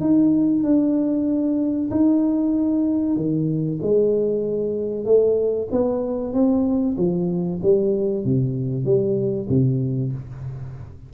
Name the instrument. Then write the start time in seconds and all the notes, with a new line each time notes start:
tuba
0.00 D#4
0.63 D4
1.90 D#4
3.16 D#3
3.82 G#3
5.05 A3
5.71 B3
6.33 C4
6.97 F3
7.62 G3
8.24 C3
8.84 G3
9.49 C3